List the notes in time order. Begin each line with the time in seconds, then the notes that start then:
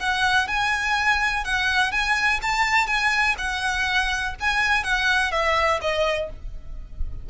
0.00 F#5
0.48 G#5
1.44 F#5
1.92 G#5
2.42 A5
2.87 G#5
3.38 F#5
4.40 G#5
4.84 F#5
5.32 E5
5.81 D#5